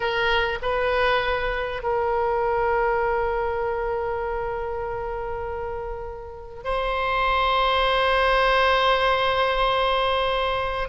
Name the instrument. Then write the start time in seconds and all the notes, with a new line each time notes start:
oboe
0.00 A#4
0.62 B4
1.82 A#4
6.64 C5